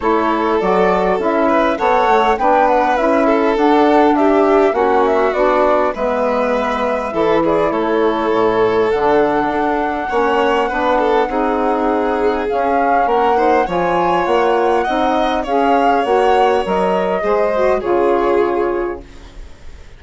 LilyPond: <<
  \new Staff \with { instrumentName = "flute" } { \time 4/4 \tempo 4 = 101 cis''4 d''4 e''4 fis''4 | g''8 fis''8 e''4 fis''4 e''4 | fis''8 e''8 d''4 e''2~ | e''8 d''8 cis''2 fis''4~ |
fis''1~ | fis''4 f''4 fis''4 gis''4 | fis''2 f''4 fis''4 | dis''2 cis''2 | }
  \new Staff \with { instrumentName = "violin" } { \time 4/4 a'2~ a'8 b'8 cis''4 | b'4. a'4. g'4 | fis'2 b'2 | a'8 gis'8 a'2.~ |
a'4 cis''4 b'8 a'8 gis'4~ | gis'2 ais'8 c''8 cis''4~ | cis''4 dis''4 cis''2~ | cis''4 c''4 gis'2 | }
  \new Staff \with { instrumentName = "saxophone" } { \time 4/4 e'4 fis'4 e'4 a'4 | d'4 e'4 d'2 | cis'4 d'4 b2 | e'2. d'4~ |
d'4 cis'4 d'4 dis'4~ | dis'4 cis'4. dis'8 f'4~ | f'4 dis'4 gis'4 fis'4 | ais'4 gis'8 fis'8 f'2 | }
  \new Staff \with { instrumentName = "bassoon" } { \time 4/4 a4 fis4 cis'4 b8 a8 | b4 cis'4 d'2 | ais4 b4 gis2 | e4 a4 a,4 d4 |
d'4 ais4 b4 c'4~ | c'4 cis'4 ais4 f4 | ais4 c'4 cis'4 ais4 | fis4 gis4 cis2 | }
>>